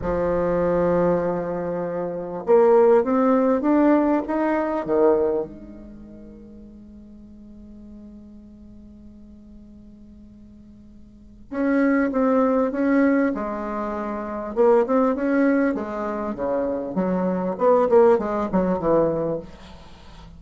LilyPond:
\new Staff \with { instrumentName = "bassoon" } { \time 4/4 \tempo 4 = 99 f1 | ais4 c'4 d'4 dis'4 | dis4 gis2.~ | gis1~ |
gis2. cis'4 | c'4 cis'4 gis2 | ais8 c'8 cis'4 gis4 cis4 | fis4 b8 ais8 gis8 fis8 e4 | }